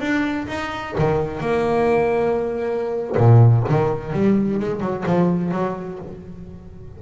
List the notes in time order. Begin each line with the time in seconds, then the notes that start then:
0.00 D4
0.47 D#4
0.98 D#3
1.40 A#3
3.17 A#2
3.69 D#3
4.13 G3
4.59 G#3
4.80 F#3
5.06 F3
5.51 F#3